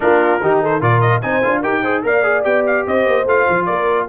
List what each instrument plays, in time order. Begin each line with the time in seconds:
0.00 tuba A#3, trombone D4, horn F4, trumpet A#4
0.40 tuba D#3, trombone D#4, horn G4
0.61 horn A4, trumpet C5
0.80 tuba A#2, trombone F4, horn A#4, trumpet D5
1.01 trumpet D#5
1.21 tuba C4, trombone D#4, horn C5, trumpet G#5
1.43 tuba D4, trombone F4
1.61 tuba D#4, trombone G4, horn A#4, trumpet G5
1.82 trombone G#4, horn C5
2.03 tuba A#3, trombone A#4, horn D5, trumpet F5
2.23 trombone G#4
2.43 tuba B3, trombone G4, trumpet G5
2.66 trumpet F5
2.86 tuba C4, horn C5, trumpet D#5
3.06 tuba A#3
3.25 tuba A3, trombone F4, trumpet F5
3.49 tuba F3
3.65 tuba A#3, horn A#4, trumpet D5